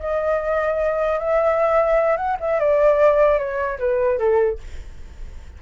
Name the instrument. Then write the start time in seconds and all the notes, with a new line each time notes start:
flute
0.00 D#5
1.19 E5
2.17 F#5
2.40 E5
2.60 D5
3.39 C#5
3.79 B4
4.19 A4